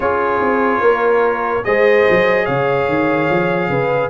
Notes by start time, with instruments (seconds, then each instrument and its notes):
0.00 tuba C#4, trombone F4, horn G#4, trumpet C#5
0.41 tuba C4
0.80 tuba A#3, horn A#4
1.64 tuba G#3, trombone G#4, horn C5, trumpet D#5
2.09 tuba F#3
2.45 tuba C#3, horn C#5, trumpet F5
2.88 tuba D#3
3.30 tuba F3
3.68 tuba C#3, horn B4